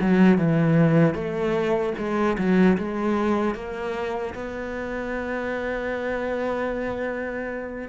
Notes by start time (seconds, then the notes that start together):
0.00 F#3
0.38 E3
1.14 A3
1.98 G#3
2.38 F#3
2.77 G#3
3.55 A#3
4.34 B3